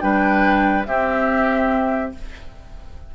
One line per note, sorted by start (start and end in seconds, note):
0.00 0.87 G3
0.00 0.85 D4
0.00 0.87 B4
0.00 0.85 G5
0.85 2.14 C4
0.85 2.15 C4
0.85 2.15 G4
0.85 2.12 E5